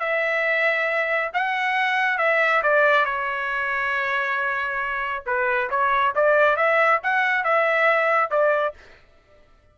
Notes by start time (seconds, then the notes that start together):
0.00 E5
1.34 F#5
2.19 E5
2.63 D5
3.06 C#5
5.26 B4
5.71 C#5
6.16 D5
6.57 E5
7.04 F#5
7.45 E5
8.31 D5